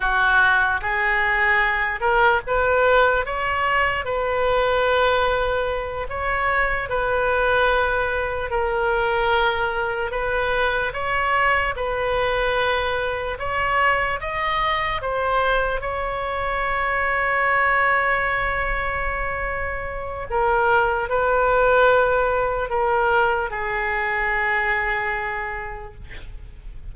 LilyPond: \new Staff \with { instrumentName = "oboe" } { \time 4/4 \tempo 4 = 74 fis'4 gis'4. ais'8 b'4 | cis''4 b'2~ b'8 cis''8~ | cis''8 b'2 ais'4.~ | ais'8 b'4 cis''4 b'4.~ |
b'8 cis''4 dis''4 c''4 cis''8~ | cis''1~ | cis''4 ais'4 b'2 | ais'4 gis'2. | }